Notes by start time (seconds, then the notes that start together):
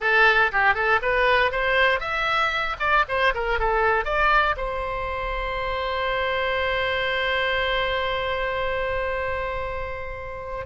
0.00 A4
0.52 G4
0.74 A4
1.01 B4
1.51 C5
2.00 E5
2.79 D5
3.08 C5
3.34 A#4
3.59 A4
4.04 D5
4.56 C5